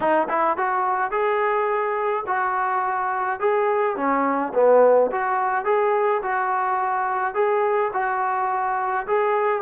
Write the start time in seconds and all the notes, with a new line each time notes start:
0.00 D#4
0.28 E4
0.57 F#4
1.11 G#4
2.26 F#4
3.40 G#4
3.96 C#4
4.54 B3
5.11 F#4
5.64 G#4
6.22 F#4
7.34 G#4
7.93 F#4
9.06 G#4